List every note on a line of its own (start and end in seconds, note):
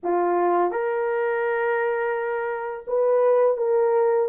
0.03 0.71 F4
0.71 2.85 A#4
2.87 3.57 B4
3.57 4.28 A#4